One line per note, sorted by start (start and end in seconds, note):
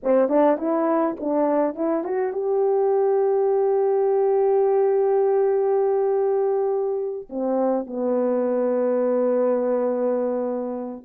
0.03 0.28 C4
0.28 0.57 D4
0.57 1.15 E4
1.19 1.75 D4
1.75 2.04 E4
2.04 2.32 F#4
2.32 7.28 G4
7.29 7.86 C4
7.86 11.05 B3